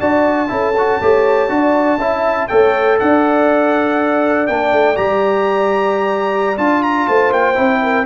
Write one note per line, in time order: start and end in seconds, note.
0.00 0.50 D4
0.00 0.48 F#4
0.00 0.50 D5
0.00 2.48 A5
0.48 1.01 C#4
0.48 0.73 E4
0.48 1.01 A4
0.78 1.02 F#4
1.01 1.49 A3
1.01 1.49 G4
1.01 1.50 C#5
1.49 1.98 D4
1.49 1.98 F#4
1.49 1.99 D5
1.98 2.47 C#4
1.98 2.50 E4
1.98 2.49 E5
2.48 3.01 A3
2.48 4.48 A4
2.48 2.99 C#5
2.48 2.98 G5
2.99 4.49 D4
2.99 7.08 D5
2.99 4.47 F#5
4.47 4.73 A#3
4.47 4.96 D4
4.47 4.96 G5
4.73 4.98 A3
4.96 6.58 G3
4.96 6.57 G4
4.96 6.58 A#5
6.57 7.08 D4
6.57 7.55 F4
6.57 6.83 A5
6.83 7.08 A#5
7.08 7.31 A3
7.08 7.82 C5
7.08 7.33 A5
7.31 7.56 A#3
7.31 8.06 G5
7.55 8.06 C4
7.55 8.04 E4
7.83 8.06 A#4